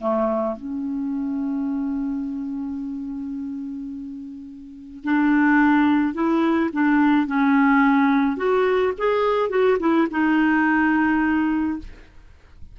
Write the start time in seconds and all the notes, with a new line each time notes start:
0.00 A3
0.56 C#4
5.04 D4
6.14 E4
6.73 D4
7.27 C#4
8.37 F#4
8.98 G#4
9.49 F#4
9.80 E4
10.10 D#4